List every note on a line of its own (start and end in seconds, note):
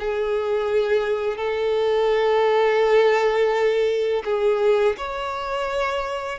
0.00 1.38 G#4
1.38 4.23 A4
4.25 4.97 G#4
4.98 6.39 C#5